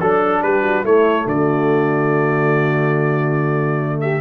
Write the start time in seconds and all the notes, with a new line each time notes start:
0.00 F#3 D4 A4
0.42 G3 G4 B4
0.63 F#4
0.84 A3 E4 C#5
1.26 D3 F#4 D5
4.00 G4 E5